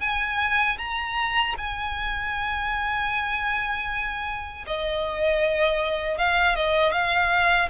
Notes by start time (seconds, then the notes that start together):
0.00 G#5
0.78 A#5
1.57 G#5
4.66 D#5
6.17 F5
6.55 D#5
6.92 F5